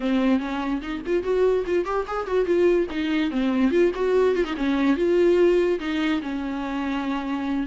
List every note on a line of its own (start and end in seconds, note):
0.00 0.39 C4
0.39 0.81 C#4
0.81 1.02 D#4
1.06 1.23 F4
1.23 1.64 F#4
1.66 1.85 F4
1.85 2.06 G4
2.07 2.26 G#4
2.26 2.45 F#4
2.45 2.87 F4
2.90 3.30 D#4
3.30 3.70 C4
3.70 3.91 F4
3.95 4.35 F#4
4.35 4.44 F4
4.44 4.55 D#4
4.56 4.96 C#4
4.96 5.79 F4
5.79 6.21 D#4
6.22 7.67 C#4